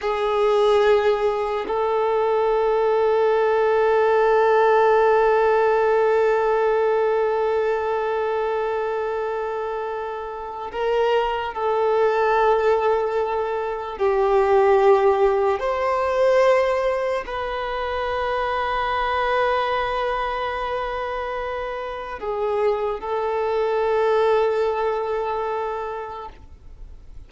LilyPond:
\new Staff \with { instrumentName = "violin" } { \time 4/4 \tempo 4 = 73 gis'2 a'2~ | a'1~ | a'1~ | a'4 ais'4 a'2~ |
a'4 g'2 c''4~ | c''4 b'2.~ | b'2. gis'4 | a'1 | }